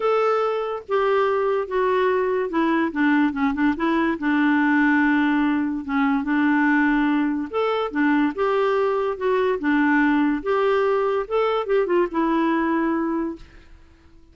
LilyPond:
\new Staff \with { instrumentName = "clarinet" } { \time 4/4 \tempo 4 = 144 a'2 g'2 | fis'2 e'4 d'4 | cis'8 d'8 e'4 d'2~ | d'2 cis'4 d'4~ |
d'2 a'4 d'4 | g'2 fis'4 d'4~ | d'4 g'2 a'4 | g'8 f'8 e'2. | }